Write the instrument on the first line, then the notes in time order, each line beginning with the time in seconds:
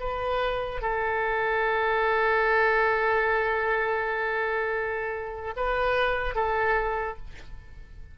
oboe
0.00 B4
0.82 A4
5.56 B4
6.35 A4